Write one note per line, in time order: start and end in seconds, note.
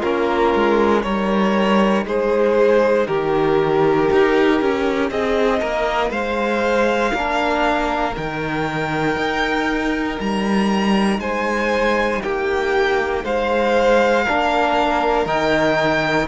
0.00 0.55 A#3
0.00 1.05 C#4
0.00 1.02 F4
0.00 1.03 A#4
0.55 1.05 G#3
1.03 2.06 G3
1.03 7.15 D#4
1.03 2.06 A#4
1.03 2.05 C#5
2.06 3.08 G#3
2.06 3.08 G#4
2.06 3.07 C5
3.07 4.10 D#3
3.07 5.11 G4
3.07 5.11 A#4
4.12 4.61 D#4
4.61 5.11 C#4
5.11 5.62 C4
5.11 5.61 G#4
5.11 6.12 D#5
5.61 6.11 A#3
5.61 6.11 A#4
6.11 7.12 G#3
6.11 7.12 C5
6.11 8.15 F5
7.14 8.16 A#3
7.14 8.12 D4
7.14 11.21 A#4
8.12 9.17 D#3
8.12 14.22 D#4
8.12 10.21 G5
9.17 10.19 D#4
10.20 11.19 G3
10.20 11.20 A#5
11.19 12.21 G#3
11.19 12.23 C5
11.19 12.22 G#5
12.23 13.25 A#3
12.23 13.25 G4
12.23 13.25 G5
13.25 14.26 G#3
13.25 14.25 C5
13.25 15.27 F5
14.25 15.26 A#3
14.25 15.27 D4
14.25 16.28 A#4
15.26 16.28 D#3
15.26 16.28 D#4
15.26 16.28 G5